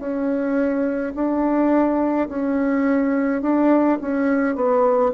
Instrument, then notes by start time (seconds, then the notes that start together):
bassoon
0.00 C#4
1.15 D4
2.29 C#4
3.42 D4
4.01 C#4
4.55 B3